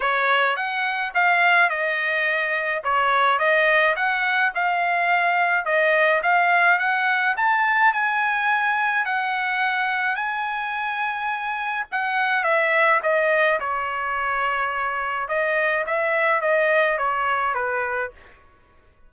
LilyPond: \new Staff \with { instrumentName = "trumpet" } { \time 4/4 \tempo 4 = 106 cis''4 fis''4 f''4 dis''4~ | dis''4 cis''4 dis''4 fis''4 | f''2 dis''4 f''4 | fis''4 a''4 gis''2 |
fis''2 gis''2~ | gis''4 fis''4 e''4 dis''4 | cis''2. dis''4 | e''4 dis''4 cis''4 b'4 | }